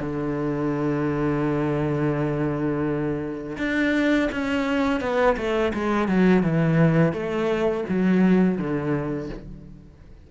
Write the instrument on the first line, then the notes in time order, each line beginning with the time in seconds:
cello
0.00 D3
3.58 D4
4.32 C#4
5.01 B3
5.37 A3
5.74 G#3
6.08 F#3
6.43 E3
7.13 A3
7.89 F#3
8.58 D3